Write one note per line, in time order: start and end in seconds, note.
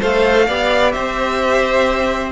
0.00 0.49 A3
0.00 0.47 A4
0.00 0.47 C5
0.00 0.92 F5
0.47 0.95 B3
0.47 2.32 G4
0.47 0.94 D5
0.92 2.32 C4
0.92 2.32 C5
0.92 2.32 E5